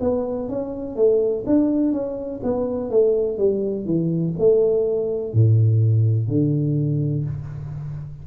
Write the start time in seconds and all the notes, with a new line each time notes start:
0.00 B3
0.48 C#4
0.95 A3
1.46 D4
1.92 C#4
2.42 B3
2.90 A3
3.37 G3
3.85 E3
4.38 A3
5.33 A2
6.28 D3